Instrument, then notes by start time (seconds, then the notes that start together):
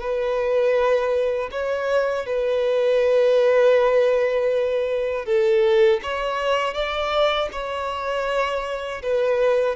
violin
0.00 B4
1.51 C#5
2.26 B4
5.25 A4
6.03 C#5
6.74 D5
7.52 C#5
9.02 B4